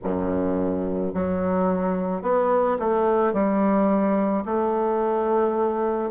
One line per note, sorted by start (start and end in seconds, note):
0.03 1.14 F#2
1.14 2.22 F#3
2.22 2.77 B3
2.79 3.33 A3
3.33 4.44 G3
4.44 6.10 A3